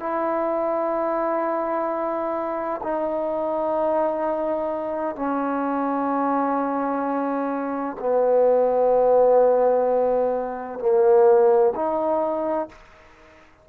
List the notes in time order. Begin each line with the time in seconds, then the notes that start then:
0.00 E4
2.84 D#4
5.16 C#4
8.00 B3
10.80 A#3
11.76 D#4